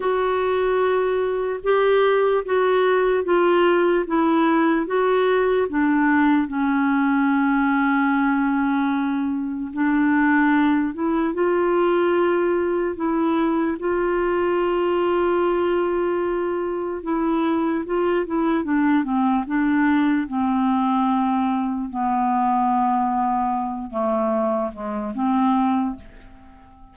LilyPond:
\new Staff \with { instrumentName = "clarinet" } { \time 4/4 \tempo 4 = 74 fis'2 g'4 fis'4 | f'4 e'4 fis'4 d'4 | cis'1 | d'4. e'8 f'2 |
e'4 f'2.~ | f'4 e'4 f'8 e'8 d'8 c'8 | d'4 c'2 b4~ | b4. a4 gis8 c'4 | }